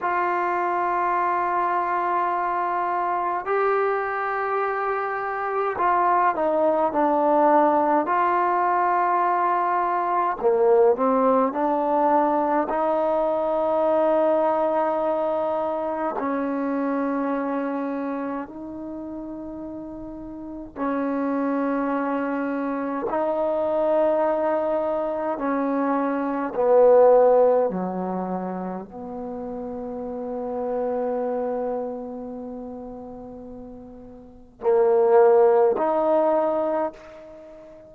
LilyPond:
\new Staff \with { instrumentName = "trombone" } { \time 4/4 \tempo 4 = 52 f'2. g'4~ | g'4 f'8 dis'8 d'4 f'4~ | f'4 ais8 c'8 d'4 dis'4~ | dis'2 cis'2 |
dis'2 cis'2 | dis'2 cis'4 b4 | fis4 b2.~ | b2 ais4 dis'4 | }